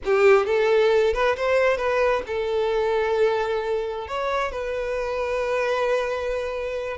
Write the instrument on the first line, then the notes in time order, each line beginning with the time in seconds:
violin
0.05 G4
0.46 A4
1.13 B4
1.36 C5
1.77 B4
2.27 A4
4.07 C#5
4.51 B4